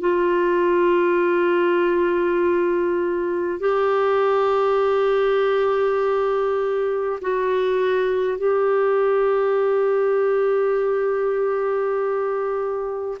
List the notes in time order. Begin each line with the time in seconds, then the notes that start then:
0.00 F4
3.59 G4
7.21 F#4
8.38 G4